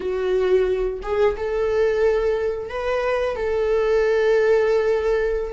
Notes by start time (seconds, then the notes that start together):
0.00 F#4
1.02 G#4
1.37 A4
2.69 B4
3.36 A4